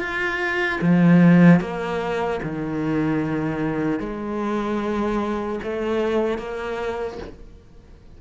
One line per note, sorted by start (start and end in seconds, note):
0.00 0.80 F4
0.81 1.61 F3
1.61 2.41 A#3
2.43 4.00 D#3
4.00 5.60 G#3
5.64 6.39 A3
6.39 7.19 A#3